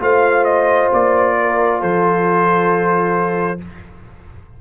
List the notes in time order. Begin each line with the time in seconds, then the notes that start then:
0.00 A3 F4 C5 F5
0.44 D#5
0.93 A#3 D5
1.41 A#4
1.81 F3 A4 C5